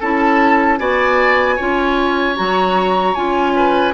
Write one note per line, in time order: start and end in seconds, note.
0.00 0.79 C#4
0.00 0.78 E4
0.00 0.79 A4
0.00 0.78 A5
0.78 1.58 B3
0.78 1.57 F#4
0.78 1.56 D5
0.78 2.36 G#5
1.56 2.38 C#4
1.56 2.36 F4
1.56 3.53 C#5
2.36 3.16 F#3
2.36 3.14 F#4
2.36 3.14 A#5
3.14 3.94 C#4
3.14 3.94 F4
3.14 3.93 G#5
3.55 3.94 B4